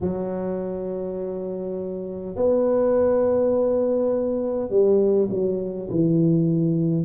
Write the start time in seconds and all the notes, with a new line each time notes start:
0.00 F#3
2.36 B3
4.69 G3
5.30 F#3
5.90 E3